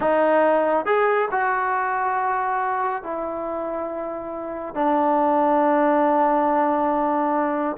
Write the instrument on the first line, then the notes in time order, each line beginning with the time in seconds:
trombone
0.00 D#4
0.85 G#4
1.31 F#4
3.03 E4
4.74 D4